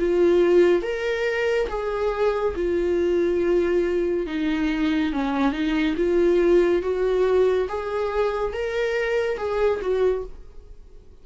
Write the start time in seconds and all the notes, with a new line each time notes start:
0.00 F4
0.83 A#4
1.69 G#4
2.56 F4
4.27 D#4
5.13 C#4
5.53 D#4
5.97 F4
6.83 F#4
7.69 G#4
8.53 A#4
9.38 G#4
9.82 F#4